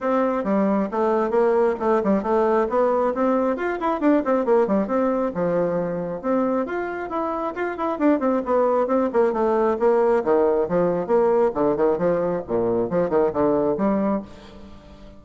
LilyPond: \new Staff \with { instrumentName = "bassoon" } { \time 4/4 \tempo 4 = 135 c'4 g4 a4 ais4 | a8 g8 a4 b4 c'4 | f'8 e'8 d'8 c'8 ais8 g8 c'4 | f2 c'4 f'4 |
e'4 f'8 e'8 d'8 c'8 b4 | c'8 ais8 a4 ais4 dis4 | f4 ais4 d8 dis8 f4 | ais,4 f8 dis8 d4 g4 | }